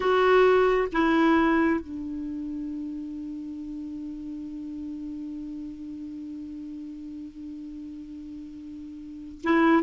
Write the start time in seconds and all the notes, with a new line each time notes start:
0.00 F#4
0.92 E4
1.80 D4
9.43 E4